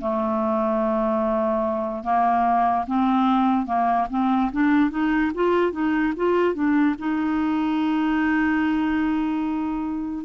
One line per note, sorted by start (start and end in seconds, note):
0.00 2.03 A3
2.03 2.85 A#3
2.86 3.65 C4
3.65 4.06 A#3
4.10 4.51 C4
4.52 4.90 D4
4.90 5.31 D#4
5.34 5.72 F4
5.72 6.13 D#4
6.16 6.54 F4
6.54 6.95 D4
6.98 10.25 D#4